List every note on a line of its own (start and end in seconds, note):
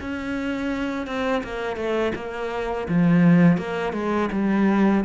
0.00 1.06 C#4
1.06 1.43 C4
1.43 1.76 A#3
1.76 2.12 A3
2.15 2.88 A#3
2.88 3.57 F3
3.57 3.93 A#3
3.93 4.29 G#3
4.32 5.04 G3